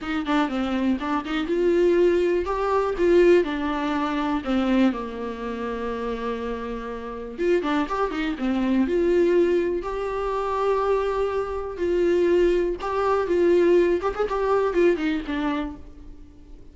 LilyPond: \new Staff \with { instrumentName = "viola" } { \time 4/4 \tempo 4 = 122 dis'8 d'8 c'4 d'8 dis'8 f'4~ | f'4 g'4 f'4 d'4~ | d'4 c'4 ais2~ | ais2. f'8 d'8 |
g'8 dis'8 c'4 f'2 | g'1 | f'2 g'4 f'4~ | f'8 g'16 gis'16 g'4 f'8 dis'8 d'4 | }